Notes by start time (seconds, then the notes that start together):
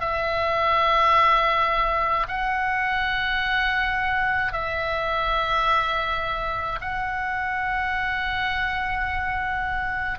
0.00 E5
2.27 F#5
4.52 E5
6.81 F#5